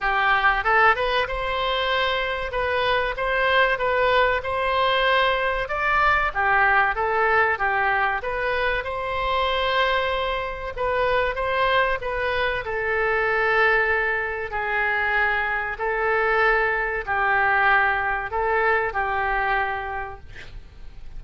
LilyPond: \new Staff \with { instrumentName = "oboe" } { \time 4/4 \tempo 4 = 95 g'4 a'8 b'8 c''2 | b'4 c''4 b'4 c''4~ | c''4 d''4 g'4 a'4 | g'4 b'4 c''2~ |
c''4 b'4 c''4 b'4 | a'2. gis'4~ | gis'4 a'2 g'4~ | g'4 a'4 g'2 | }